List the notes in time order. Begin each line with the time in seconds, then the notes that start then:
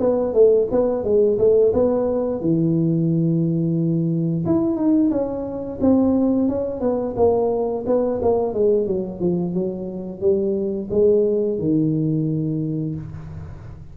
0.00 B3
0.33 A3
0.71 B3
1.04 G#3
1.38 A3
1.73 B3
2.41 E3
4.46 E4
4.76 D#4
5.10 C#4
5.80 C4
6.48 C#4
6.81 B3
7.17 A#3
7.86 B3
8.22 A#3
8.54 G#3
8.87 F#3
9.20 F3
9.54 F#3
10.21 G3
10.90 G#3
11.58 D#3